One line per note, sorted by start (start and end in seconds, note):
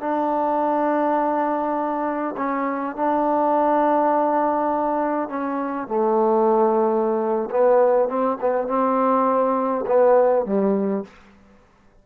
0.00 2.35 D4
2.37 2.96 C#4
2.96 5.29 D4
5.29 5.88 C#4
5.88 7.50 A3
7.51 8.09 B3
8.09 8.38 C4
8.41 8.68 B3
8.68 9.85 C4
9.87 10.46 B3
10.46 11.05 G3